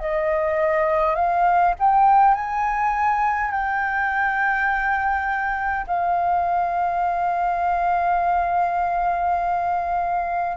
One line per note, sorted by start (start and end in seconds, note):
0.00 1.16 D#5
1.16 1.74 F5
1.80 2.35 G5
2.35 3.51 G#5
3.51 5.87 G5
5.87 10.57 F5